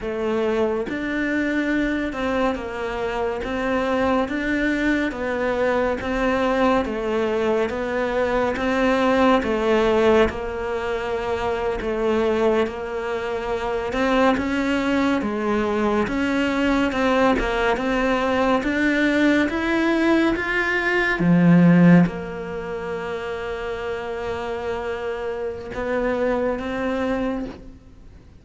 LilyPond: \new Staff \with { instrumentName = "cello" } { \time 4/4 \tempo 4 = 70 a4 d'4. c'8 ais4 | c'4 d'4 b4 c'4 | a4 b4 c'4 a4 | ais4.~ ais16 a4 ais4~ ais16~ |
ais16 c'8 cis'4 gis4 cis'4 c'16~ | c'16 ais8 c'4 d'4 e'4 f'16~ | f'8. f4 ais2~ ais16~ | ais2 b4 c'4 | }